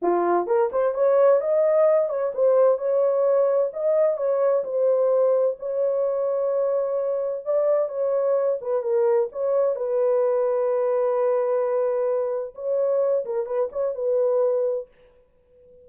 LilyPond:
\new Staff \with { instrumentName = "horn" } { \time 4/4 \tempo 4 = 129 f'4 ais'8 c''8 cis''4 dis''4~ | dis''8 cis''8 c''4 cis''2 | dis''4 cis''4 c''2 | cis''1 |
d''4 cis''4. b'8 ais'4 | cis''4 b'2.~ | b'2. cis''4~ | cis''8 ais'8 b'8 cis''8 b'2 | }